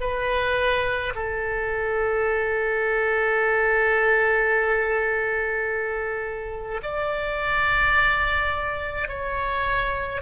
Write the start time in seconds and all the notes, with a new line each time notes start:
0.00 B4
1.15 A4
6.82 D5
9.08 C#5